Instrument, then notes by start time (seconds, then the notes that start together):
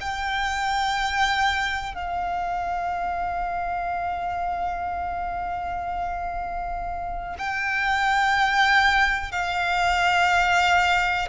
violin
0.00 G5
1.94 F5
7.38 G5
9.31 F5